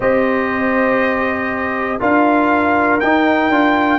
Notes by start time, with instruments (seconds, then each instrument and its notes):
0.00 tuba C4, trombone G4, horn C5, trumpet D#5
1.99 tuba D4, trombone F4, horn A#4, trumpet F5
3.00 trombone D#4, tuba D#4, trumpet G5
3.49 tuba D4, trombone F4